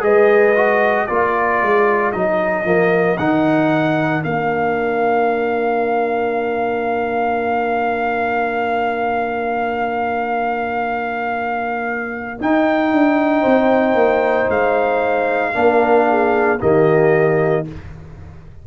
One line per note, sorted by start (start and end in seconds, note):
0.00 1.08 G#3
0.00 0.53 G#4
0.00 1.08 B4
0.00 1.07 D#5
0.56 1.08 F#4
1.07 1.62 A#3
1.07 2.13 F4
1.07 13.41 A#4
1.07 2.12 D5
1.62 2.14 G#3
2.12 2.64 F#3
2.12 2.64 D#4
2.12 3.18 D#5
2.64 3.17 F3
2.64 3.17 A#3
3.18 4.24 D#3
3.18 4.23 D#4
3.18 4.23 F#5
4.23 12.40 A#3
4.23 12.39 D4
4.23 12.40 F5
12.40 15.54 D#4
12.40 12.92 D#4
12.40 14.50 G5
12.92 13.45 D4
13.41 13.95 C4
13.41 15.52 C5
13.95 14.47 A#3
14.50 15.55 G#3
14.50 16.61 F5
15.54 16.61 A#3
15.54 16.59 D4
15.54 16.09 A#4
16.09 16.61 G#4
16.60 17.67 D#3
16.60 17.65 A#3
16.60 17.66 G4
16.60 17.66 D#5